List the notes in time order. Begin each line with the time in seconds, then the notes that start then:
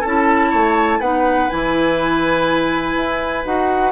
0.00 C#4 E4 A4 A5
0.50 A3 C#5
1.00 B3 D#4 B4 F#5
1.49 E3 E4 G#5
2.95 E4
3.44 D#4 F#4 F#5